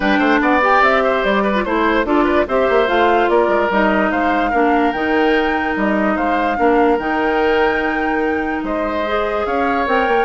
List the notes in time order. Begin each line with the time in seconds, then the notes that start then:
0.00 G3 D4 B4 G5
0.18 A3 C5
0.40 B3 D5 F#5
0.61 G4 G5
0.81 C4 E5
1.03 C5
1.24 G3 D5
1.43 B4
1.54 F4
1.64 A3 E4 C5
2.05 D4 F4 A4 D5
2.24 B4
2.47 C4 G4 C5 E5
2.69 A#3
2.86 A3 F4 F5
3.29 A#3 A#4 D5
3.48 G#3
3.70 G3 D#4 D#5
4.11 G#3 C5 F5
4.50 A#3 D4 A#4
4.92 D#3 D#4 G5
5.76 G3 D#5
6.15 G#3 C5 F5
6.56 A#3 D4 A#4
6.98 D#3 D#4 G5
8.63 G#3 C5 D#5
9.07 G#4
9.45 C#4 C#5 F5
9.86 C4 A#4 G5
10.07 A#3